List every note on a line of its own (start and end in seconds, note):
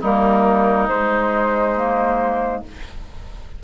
0.00 0.89 G3
0.00 0.87 A#3
0.00 2.61 D#4
0.00 0.88 A#4
0.87 1.74 G#3
0.87 2.63 G#3
0.87 2.62 C5
1.76 2.63 A#3